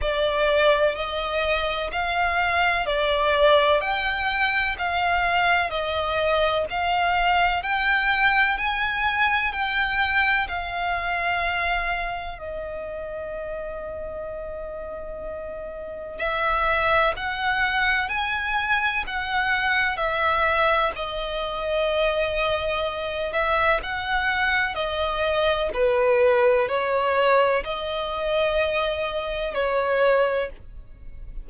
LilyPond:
\new Staff \with { instrumentName = "violin" } { \time 4/4 \tempo 4 = 63 d''4 dis''4 f''4 d''4 | g''4 f''4 dis''4 f''4 | g''4 gis''4 g''4 f''4~ | f''4 dis''2.~ |
dis''4 e''4 fis''4 gis''4 | fis''4 e''4 dis''2~ | dis''8 e''8 fis''4 dis''4 b'4 | cis''4 dis''2 cis''4 | }